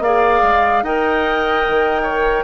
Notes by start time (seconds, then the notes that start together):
0.00 A#3 G#4 D5 F5
0.42 G#3
0.83 D#4 A#4 D#5 G5
1.68 D#3
2.02 C#5